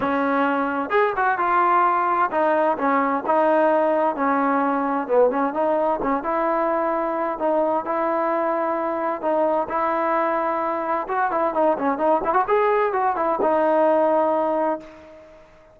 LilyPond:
\new Staff \with { instrumentName = "trombone" } { \time 4/4 \tempo 4 = 130 cis'2 gis'8 fis'8 f'4~ | f'4 dis'4 cis'4 dis'4~ | dis'4 cis'2 b8 cis'8 | dis'4 cis'8 e'2~ e'8 |
dis'4 e'2. | dis'4 e'2. | fis'8 e'8 dis'8 cis'8 dis'8 e'16 fis'16 gis'4 | fis'8 e'8 dis'2. | }